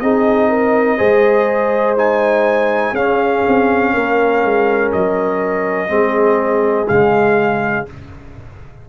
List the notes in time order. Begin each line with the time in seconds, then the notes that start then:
0.00 C4 D#4 G#4 D#5
0.50 A#4
0.98 G#3 G#4 C5
1.97 D#4 G#5
2.93 C#4 G#4 F5
3.48 C4
3.94 A#3 A#4
4.44 G#3
4.93 F#3 D#5
5.89 G#3 C4 G#4
6.88 C#3 G#3 F5